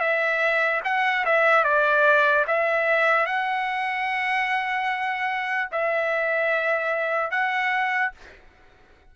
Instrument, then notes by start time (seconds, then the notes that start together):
trumpet
0.00 E5
0.84 F#5
1.25 E5
1.64 D5
2.47 E5
3.26 F#5
5.72 E5
7.31 F#5